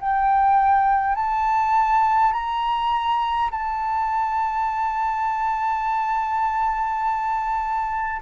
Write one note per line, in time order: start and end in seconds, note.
0.00 1.16 G5
1.16 2.33 A5
2.33 3.50 A#5
3.51 8.22 A5